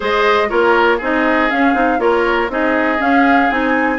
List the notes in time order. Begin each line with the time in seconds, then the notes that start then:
0.00 G#3 G#4 C5 D#5
0.48 A#3 F4 A#4 C#5
0.97 C4 D#4 G#4 D#5
1.50 C#4 F5
1.73 C4 D#4
1.98 A#3 F4 A#4 C#5
2.48 C4 D#4 G#4 D#5
2.98 C#4 F5
3.50 C4 D#4 G#5